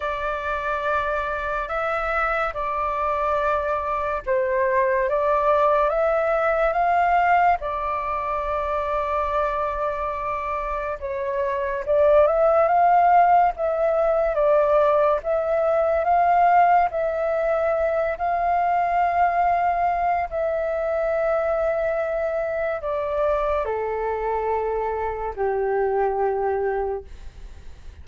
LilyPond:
\new Staff \with { instrumentName = "flute" } { \time 4/4 \tempo 4 = 71 d''2 e''4 d''4~ | d''4 c''4 d''4 e''4 | f''4 d''2.~ | d''4 cis''4 d''8 e''8 f''4 |
e''4 d''4 e''4 f''4 | e''4. f''2~ f''8 | e''2. d''4 | a'2 g'2 | }